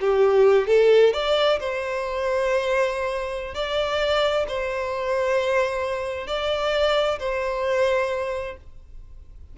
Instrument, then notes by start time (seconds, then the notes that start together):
violin
0.00 G4
0.67 A4
1.13 D5
1.59 C5
3.54 D5
4.48 C5
6.27 D5
7.19 C5